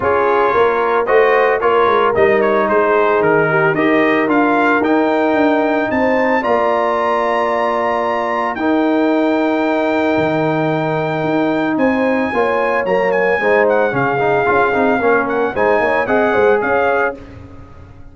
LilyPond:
<<
  \new Staff \with { instrumentName = "trumpet" } { \time 4/4 \tempo 4 = 112 cis''2 dis''4 cis''4 | dis''8 cis''8 c''4 ais'4 dis''4 | f''4 g''2 a''4 | ais''1 |
g''1~ | g''2 gis''2 | ais''8 gis''4 fis''8 f''2~ | f''8 fis''8 gis''4 fis''4 f''4 | }
  \new Staff \with { instrumentName = "horn" } { \time 4/4 gis'4 ais'4 c''4 ais'4~ | ais'4 gis'4. g'8 ais'4~ | ais'2. c''4 | d''1 |
ais'1~ | ais'2 c''4 cis''4~ | cis''4 c''4 gis'2 | ais'4 c''8 cis''8 dis''8 c''8 cis''4 | }
  \new Staff \with { instrumentName = "trombone" } { \time 4/4 f'2 fis'4 f'4 | dis'2. g'4 | f'4 dis'2. | f'1 |
dis'1~ | dis'2. f'4 | ais4 dis'4 cis'8 dis'8 f'8 dis'8 | cis'4 dis'4 gis'2 | }
  \new Staff \with { instrumentName = "tuba" } { \time 4/4 cis'4 ais4 a4 ais8 gis8 | g4 gis4 dis4 dis'4 | d'4 dis'4 d'4 c'4 | ais1 |
dis'2. dis4~ | dis4 dis'4 c'4 ais4 | fis4 gis4 cis4 cis'8 c'8 | ais4 gis8 ais8 c'8 gis8 cis'4 | }
>>